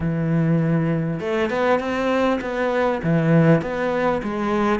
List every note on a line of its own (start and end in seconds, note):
0.00 1.20 E3
1.20 1.50 A3
1.50 1.79 B3
1.79 2.39 C4
2.41 3.01 B3
3.03 3.61 E3
3.61 4.21 B3
4.22 4.79 G#3